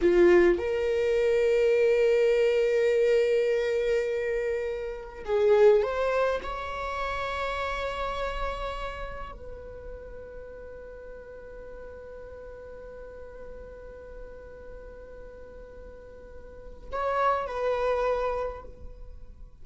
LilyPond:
\new Staff \with { instrumentName = "viola" } { \time 4/4 \tempo 4 = 103 f'4 ais'2.~ | ais'1~ | ais'4 gis'4 c''4 cis''4~ | cis''1 |
b'1~ | b'1~ | b'1~ | b'4 cis''4 b'2 | }